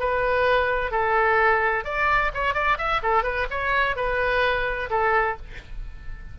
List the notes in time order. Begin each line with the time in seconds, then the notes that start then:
0.00 B4
0.92 A4
1.85 D5
2.34 C#5
2.54 D5
2.78 E5
3.03 A4
3.23 B4
3.51 C#5
3.96 B4
4.90 A4